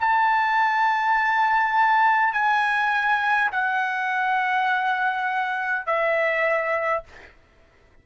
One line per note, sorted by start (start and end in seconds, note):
0.00 2.33 A5
2.33 3.51 G#5
3.52 5.87 F#5
5.87 7.04 E5